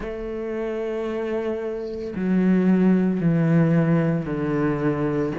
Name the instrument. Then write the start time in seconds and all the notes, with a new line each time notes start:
cello
0.00 A3
2.15 F#3
3.20 E3
4.25 D3